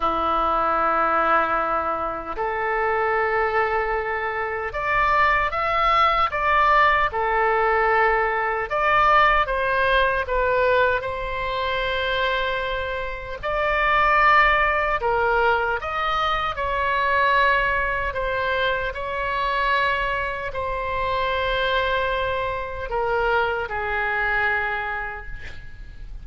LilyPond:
\new Staff \with { instrumentName = "oboe" } { \time 4/4 \tempo 4 = 76 e'2. a'4~ | a'2 d''4 e''4 | d''4 a'2 d''4 | c''4 b'4 c''2~ |
c''4 d''2 ais'4 | dis''4 cis''2 c''4 | cis''2 c''2~ | c''4 ais'4 gis'2 | }